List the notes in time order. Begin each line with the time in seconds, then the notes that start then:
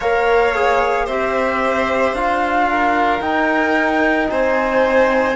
0.00 A#3 A#4 C#5 F5
0.55 G#4
1.05 C4 G4 C5 E5
2.13 D4 F4 F5
2.70 A#4
3.20 D#4 G5
4.29 C4 C5 G#5